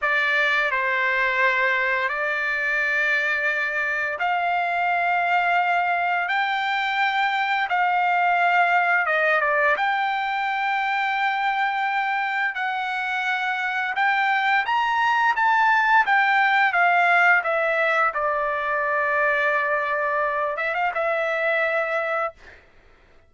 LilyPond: \new Staff \with { instrumentName = "trumpet" } { \time 4/4 \tempo 4 = 86 d''4 c''2 d''4~ | d''2 f''2~ | f''4 g''2 f''4~ | f''4 dis''8 d''8 g''2~ |
g''2 fis''2 | g''4 ais''4 a''4 g''4 | f''4 e''4 d''2~ | d''4. e''16 f''16 e''2 | }